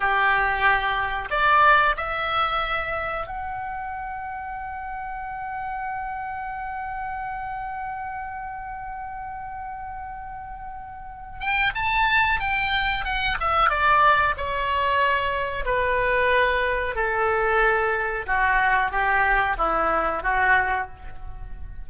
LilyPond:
\new Staff \with { instrumentName = "oboe" } { \time 4/4 \tempo 4 = 92 g'2 d''4 e''4~ | e''4 fis''2.~ | fis''1~ | fis''1~ |
fis''4. g''8 a''4 g''4 | fis''8 e''8 d''4 cis''2 | b'2 a'2 | fis'4 g'4 e'4 fis'4 | }